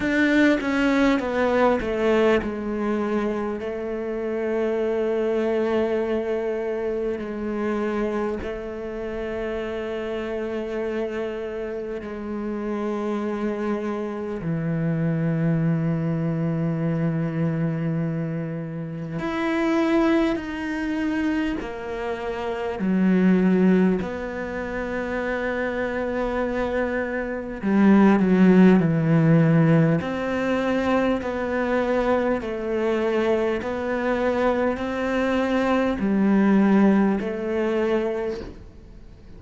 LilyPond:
\new Staff \with { instrumentName = "cello" } { \time 4/4 \tempo 4 = 50 d'8 cis'8 b8 a8 gis4 a4~ | a2 gis4 a4~ | a2 gis2 | e1 |
e'4 dis'4 ais4 fis4 | b2. g8 fis8 | e4 c'4 b4 a4 | b4 c'4 g4 a4 | }